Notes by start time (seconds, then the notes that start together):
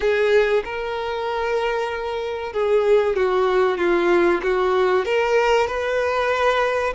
0.00 G#4
0.64 A#4
2.52 G#4
3.16 F#4
3.77 F4
4.42 F#4
5.05 A#4
5.67 B4